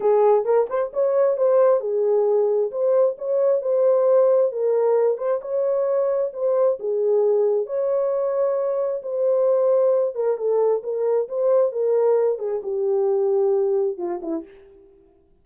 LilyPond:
\new Staff \with { instrumentName = "horn" } { \time 4/4 \tempo 4 = 133 gis'4 ais'8 c''8 cis''4 c''4 | gis'2 c''4 cis''4 | c''2 ais'4. c''8 | cis''2 c''4 gis'4~ |
gis'4 cis''2. | c''2~ c''8 ais'8 a'4 | ais'4 c''4 ais'4. gis'8 | g'2. f'8 e'8 | }